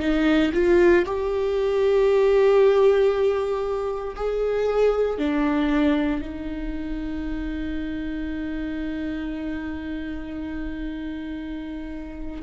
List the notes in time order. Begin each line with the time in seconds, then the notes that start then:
0.00 D#4
0.54 F4
1.05 G4
4.16 G#4
5.19 D4
6.22 D#4